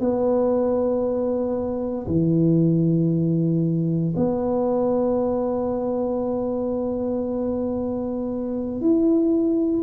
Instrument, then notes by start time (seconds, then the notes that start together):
tuba
0.00 B3
2.07 E3
4.17 B3
8.81 E4